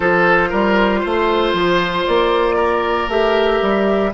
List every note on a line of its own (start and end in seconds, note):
0.00 0.52 F3
0.00 3.09 F4
0.00 0.49 A4
0.00 2.06 C5
0.49 1.03 G3
0.49 1.00 A#4
1.00 1.53 A3
1.00 2.55 C5
1.53 2.05 F3
2.06 3.08 A#3
2.06 3.09 D5
2.55 4.11 A#4
3.08 3.59 A3
3.08 4.12 G4
3.08 4.13 E5
3.61 4.13 G3